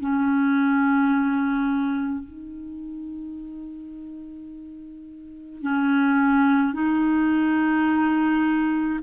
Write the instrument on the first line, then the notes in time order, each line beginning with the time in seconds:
clarinet
0.00 C#4
2.24 D#4
5.62 C#4
6.74 D#4